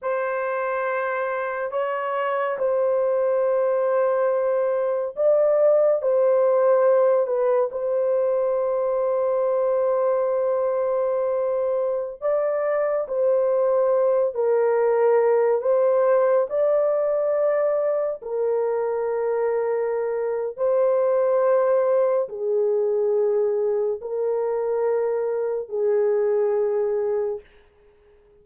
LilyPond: \new Staff \with { instrumentName = "horn" } { \time 4/4 \tempo 4 = 70 c''2 cis''4 c''4~ | c''2 d''4 c''4~ | c''8 b'8 c''2.~ | c''2~ c''16 d''4 c''8.~ |
c''8. ais'4. c''4 d''8.~ | d''4~ d''16 ais'2~ ais'8. | c''2 gis'2 | ais'2 gis'2 | }